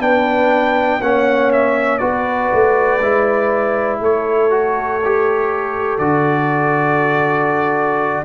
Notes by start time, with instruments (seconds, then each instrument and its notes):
0.00 tuba B3, trombone D4, horn B4, trumpet G5
1.01 tuba A#3, trombone C#4, horn C#5, trumpet F#5
1.53 trumpet E5
1.98 tuba B3, trombone F#4, horn B4, trumpet D5
2.54 tuba A3
3.01 tuba G#3, trombone E4
4.00 tuba A3, horn A4, trumpet C#5
4.51 trombone F#4
5.05 trombone G4
5.99 tuba D3, trombone F#4, trumpet D5